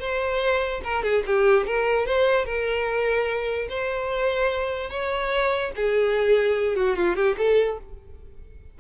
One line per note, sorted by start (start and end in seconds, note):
0.00 0.82 C5
0.84 1.03 A#4
1.03 1.24 G#4
1.27 1.67 G4
1.67 2.06 A#4
2.06 2.46 C5
2.46 3.68 A#4
3.70 4.90 C5
4.90 5.72 C#5
5.76 6.76 G#4
6.76 6.96 F#4
6.96 7.16 F4
7.16 7.36 G4
7.38 7.79 A4